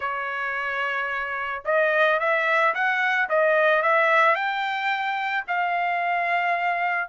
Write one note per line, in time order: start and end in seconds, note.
0.00 1.63 C#5
1.65 2.19 D#5
2.19 2.74 E5
2.74 3.29 F#5
3.29 3.82 D#5
3.82 4.35 E5
4.35 5.44 G5
5.47 7.08 F5